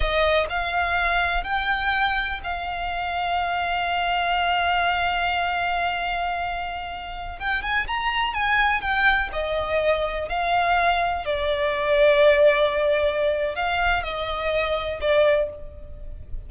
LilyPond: \new Staff \with { instrumentName = "violin" } { \time 4/4 \tempo 4 = 124 dis''4 f''2 g''4~ | g''4 f''2.~ | f''1~ | f''2.~ f''16 g''8 gis''16~ |
gis''16 ais''4 gis''4 g''4 dis''8.~ | dis''4~ dis''16 f''2 d''8.~ | d''1 | f''4 dis''2 d''4 | }